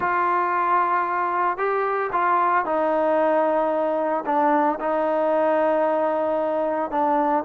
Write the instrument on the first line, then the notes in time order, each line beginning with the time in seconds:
trombone
0.00 F4
1.57 G4
2.12 F4
2.65 D#4
4.25 D4
4.80 D#4
6.91 D4